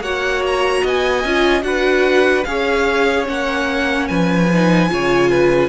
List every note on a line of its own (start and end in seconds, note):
0.00 0.81 A#3
0.00 1.25 F#4
0.00 0.82 C#5
0.00 0.42 F#5
0.46 0.86 A#5
0.82 1.24 B3
0.82 1.63 D#5
0.82 1.62 G#5
1.24 1.62 C#4
1.24 1.62 F4
1.62 2.43 D4
1.62 2.43 F#4
1.62 2.47 B4
1.62 2.43 F#5
2.43 3.28 C#4
2.43 3.25 G#4
2.43 4.09 C#5
2.43 3.24 F5
3.25 4.09 A#3
3.25 4.47 C#4
3.25 4.07 F#5
4.07 4.91 F3
4.07 4.90 B4
4.07 5.69 G#5
4.53 4.89 D#4
4.89 5.69 C#3
4.89 5.69 F4
4.89 5.30 C#5
5.30 5.69 B4